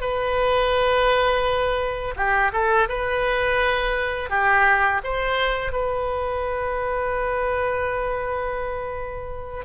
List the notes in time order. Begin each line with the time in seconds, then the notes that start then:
0.00 B4
2.16 G4
2.52 A4
2.88 B4
4.30 G4
5.04 C5
5.72 B4